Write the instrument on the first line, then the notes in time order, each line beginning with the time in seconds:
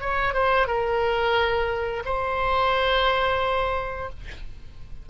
oboe
0.00 C#5
0.33 C5
0.67 A#4
2.05 C5